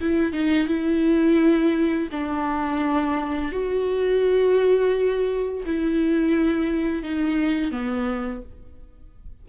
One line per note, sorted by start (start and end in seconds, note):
0.00 0.32 E4
0.32 0.67 D#4
0.67 2.08 E4
2.11 3.51 D4
3.51 5.63 F#4
5.65 7.03 E4
7.03 7.71 D#4
7.71 8.41 B3